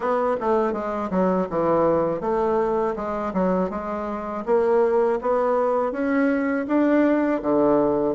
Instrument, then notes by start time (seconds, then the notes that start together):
bassoon
0.00 B3
0.40 A3
0.72 G#3
1.10 F#3
1.49 E3
2.20 A3
2.96 G#3
3.33 F#3
3.70 G#3
4.45 A#3
5.21 B3
5.92 C#4
6.67 D4
7.41 D3